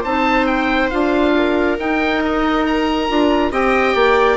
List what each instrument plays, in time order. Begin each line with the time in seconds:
0.00 bassoon C4, clarinet D#4, viola C5, oboe A5
0.46 oboe G5
0.90 bassoon D4, clarinet F4, oboe F5
1.37 viola A#4
1.78 clarinet D#4, bassoon D#4, oboe G5
2.24 oboe D#5
2.66 oboe A#5
3.08 bassoon D4, clarinet F4
3.51 bassoon C4, clarinet G4, viola D#5, oboe G5
3.95 bassoon A#3, viola D5